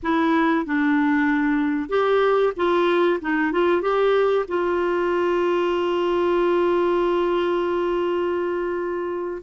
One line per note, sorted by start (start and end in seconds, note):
0.02 0.65 E4
0.65 1.89 D4
1.89 2.53 G4
2.56 3.20 F4
3.20 3.51 D#4
3.51 3.81 F4
3.81 4.45 G4
4.47 9.42 F4